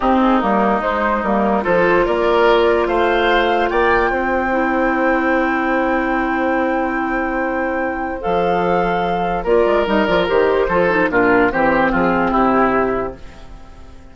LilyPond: <<
  \new Staff \with { instrumentName = "flute" } { \time 4/4 \tempo 4 = 146 g'8 gis'8 ais'4 c''4 ais'4 | c''4 d''2 f''4~ | f''4 g''2.~ | g''1~ |
g''1 | f''2. d''4 | dis''8 d''8 c''2 ais'4 | c''4 gis'4 g'2 | }
  \new Staff \with { instrumentName = "oboe" } { \time 4/4 dis'1 | a'4 ais'2 c''4~ | c''4 d''4 c''2~ | c''1~ |
c''1~ | c''2. ais'4~ | ais'2 a'4 f'4 | g'4 f'4 e'2 | }
  \new Staff \with { instrumentName = "clarinet" } { \time 4/4 c'4 ais4 gis4 ais4 | f'1~ | f'2. e'4~ | e'1~ |
e'1 | a'2. f'4 | dis'8 f'8 g'4 f'8 dis'8 d'4 | c'1 | }
  \new Staff \with { instrumentName = "bassoon" } { \time 4/4 c'4 g4 gis4 g4 | f4 ais2 a4~ | a4 ais4 c'2~ | c'1~ |
c'1 | f2. ais8 gis8 | g8 f8 dis4 f4 ais,4 | e4 f4 c2 | }
>>